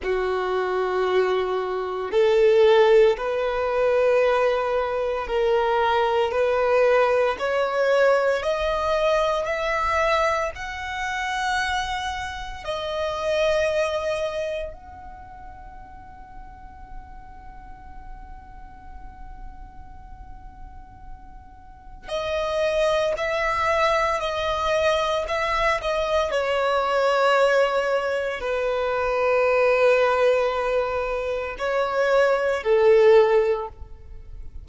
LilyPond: \new Staff \with { instrumentName = "violin" } { \time 4/4 \tempo 4 = 57 fis'2 a'4 b'4~ | b'4 ais'4 b'4 cis''4 | dis''4 e''4 fis''2 | dis''2 fis''2~ |
fis''1~ | fis''4 dis''4 e''4 dis''4 | e''8 dis''8 cis''2 b'4~ | b'2 cis''4 a'4 | }